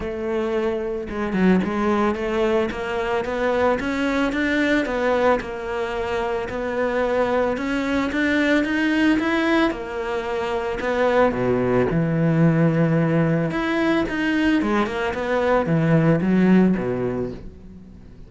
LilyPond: \new Staff \with { instrumentName = "cello" } { \time 4/4 \tempo 4 = 111 a2 gis8 fis8 gis4 | a4 ais4 b4 cis'4 | d'4 b4 ais2 | b2 cis'4 d'4 |
dis'4 e'4 ais2 | b4 b,4 e2~ | e4 e'4 dis'4 gis8 ais8 | b4 e4 fis4 b,4 | }